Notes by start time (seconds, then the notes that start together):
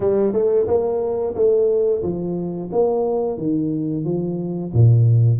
0.00 G3
0.32 A3
0.67 A#3
1.35 A3
2.02 F3
2.72 A#3
3.37 D#3
4.04 F3
4.73 A#2